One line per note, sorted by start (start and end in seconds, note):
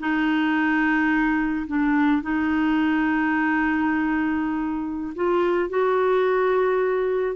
0.00 1.67 D#4
1.67 2.23 D4
2.23 5.14 D#4
5.16 5.70 F4
5.70 7.36 F#4